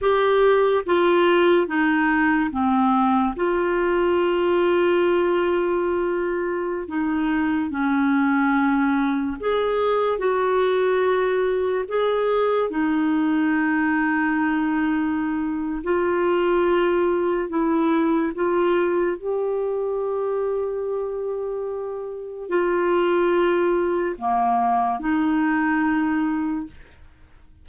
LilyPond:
\new Staff \with { instrumentName = "clarinet" } { \time 4/4 \tempo 4 = 72 g'4 f'4 dis'4 c'4 | f'1~ | f'16 dis'4 cis'2 gis'8.~ | gis'16 fis'2 gis'4 dis'8.~ |
dis'2. f'4~ | f'4 e'4 f'4 g'4~ | g'2. f'4~ | f'4 ais4 dis'2 | }